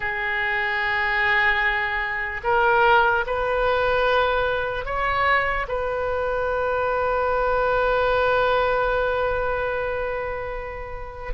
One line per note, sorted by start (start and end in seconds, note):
0.00 2.41 G#4
2.43 3.24 A#4
3.26 4.85 B4
4.85 5.66 C#5
5.68 11.33 B4